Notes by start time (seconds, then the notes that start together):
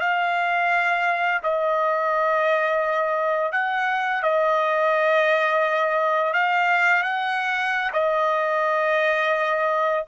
0.00 F5
1.43 D#5
3.52 F#5
4.23 D#5
6.33 F5
7.03 F#5
7.93 D#5